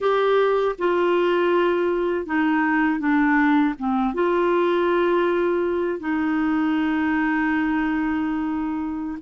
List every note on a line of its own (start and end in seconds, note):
0.00 0.75 G4
0.78 2.26 F4
2.26 2.99 D#4
2.99 3.74 D4
3.78 4.14 C4
4.14 5.99 F4
5.99 9.18 D#4